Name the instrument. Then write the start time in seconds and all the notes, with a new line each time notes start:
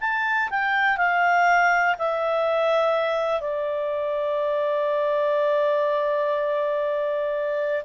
clarinet
0.00 A5
0.50 G5
0.97 F5
1.98 E5
3.41 D5